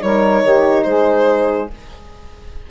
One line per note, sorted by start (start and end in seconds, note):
0.00 0.43 G3
0.00 1.69 D#4
0.00 0.43 A#4
0.00 0.83 C#5
0.43 0.85 D#3
0.43 0.85 G4
0.83 1.70 G#3
0.83 1.70 G#4
0.83 1.68 C5